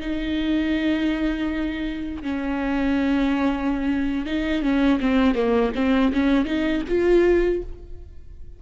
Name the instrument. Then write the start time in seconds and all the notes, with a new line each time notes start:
viola
0.00 D#4
2.22 C#4
4.26 D#4
4.62 C#4
5.00 C4
5.35 A#3
5.75 C4
6.13 C#4
6.45 D#4
6.88 F4